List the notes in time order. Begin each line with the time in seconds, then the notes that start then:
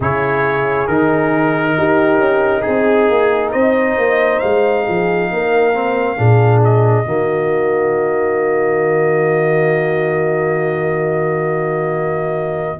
0.00 C#3 E4 G#4 C#5
0.87 D#3 D#4 A#4
1.77 D#4 G4
2.17 C#4
2.61 C4 G#4
3.09 A#3
3.51 C4 C5 D#5
3.97 A#3
4.39 G#3 F5
4.85 F3 G#4
5.30 A#3 A#4
5.74 C4
6.16 A#2 D4 G#4
6.63 D#5
7.04 D#3 A#3 F#4